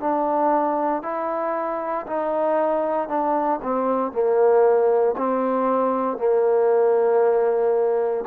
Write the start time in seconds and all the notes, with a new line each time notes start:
0.00 D4
1.03 E4
2.07 D#4
3.08 D4
3.63 C4
4.12 A#3
5.17 C4
6.18 A#3